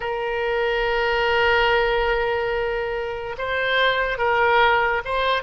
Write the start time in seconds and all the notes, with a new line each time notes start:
0.00 A#4
3.38 C5
4.18 A#4
5.05 C5